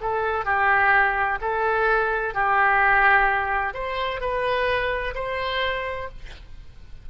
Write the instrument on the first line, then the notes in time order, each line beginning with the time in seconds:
oboe
0.00 A4
0.44 G4
1.40 A4
2.34 G4
3.73 C5
4.20 B4
5.14 C5